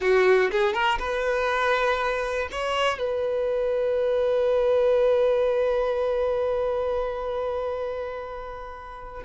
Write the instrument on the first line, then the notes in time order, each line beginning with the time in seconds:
violin
0.00 F#4
0.51 G#4
0.73 A#4
0.99 B4
2.51 C#5
2.98 B4